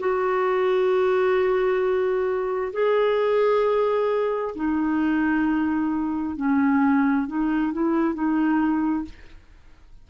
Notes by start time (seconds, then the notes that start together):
0.00 F#4
2.73 G#4
4.55 D#4
6.37 C#4
7.28 D#4
7.73 E4
8.14 D#4